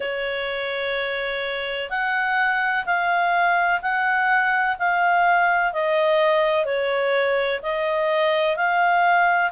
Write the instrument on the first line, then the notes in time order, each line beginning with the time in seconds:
clarinet
0.00 C#5
1.90 F#5
2.85 F5
3.81 F#5
4.78 F5
5.72 D#5
6.65 C#5
7.62 D#5
8.56 F5